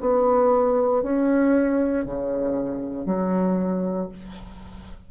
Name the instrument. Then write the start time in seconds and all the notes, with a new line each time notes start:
bassoon
0.00 B3
1.02 C#4
2.05 C#3
3.05 F#3